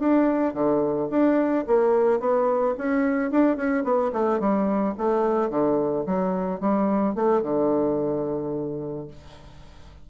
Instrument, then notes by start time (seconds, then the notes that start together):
bassoon
0.00 D4
0.54 D3
1.11 D4
1.67 A#3
2.20 B3
2.78 C#4
3.31 D4
3.57 C#4
3.84 B3
4.13 A3
4.40 G3
4.98 A3
5.50 D3
6.07 F#3
6.61 G3
7.15 A3
7.43 D3